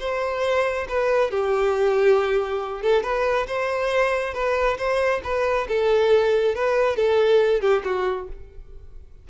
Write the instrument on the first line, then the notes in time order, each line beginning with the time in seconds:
violin
0.00 C5
0.89 B4
1.31 G4
2.82 A4
3.03 B4
3.47 C5
4.34 B4
4.78 C5
5.24 B4
5.68 A4
6.55 B4
6.96 A4
7.61 G4
7.84 F#4